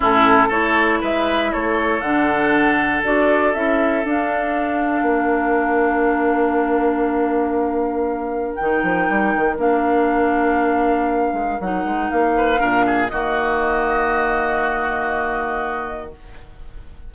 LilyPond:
<<
  \new Staff \with { instrumentName = "flute" } { \time 4/4 \tempo 4 = 119 a'4 cis''4 e''4 cis''4 | fis''2 d''4 e''4 | f''1~ | f''1~ |
f''4 g''2 f''4~ | f''2. fis''4 | f''2 dis''2~ | dis''1 | }
  \new Staff \with { instrumentName = "oboe" } { \time 4/4 e'4 a'4 b'4 a'4~ | a'1~ | a'2 ais'2~ | ais'1~ |
ais'1~ | ais'1~ | ais'8 b'8 ais'8 gis'8 fis'2~ | fis'1 | }
  \new Staff \with { instrumentName = "clarinet" } { \time 4/4 cis'4 e'2. | d'2 fis'4 e'4 | d'1~ | d'1~ |
d'4 dis'2 d'4~ | d'2. dis'4~ | dis'4 d'4 ais2~ | ais1 | }
  \new Staff \with { instrumentName = "bassoon" } { \time 4/4 a,4 a4 gis4 a4 | d2 d'4 cis'4 | d'2 ais2~ | ais1~ |
ais4 dis8 f8 g8 dis8 ais4~ | ais2~ ais8 gis8 fis8 gis8 | ais4 ais,4 dis2~ | dis1 | }
>>